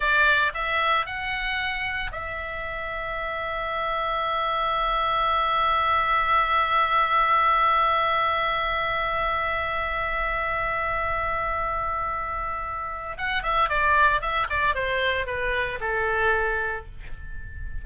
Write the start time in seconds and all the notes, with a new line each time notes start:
0.00 D5
0.54 E5
1.06 F#5
2.12 E5
13.17 F#5
13.43 E5
13.69 D5
14.21 E5
14.49 D5
14.75 C5
15.26 B4
15.80 A4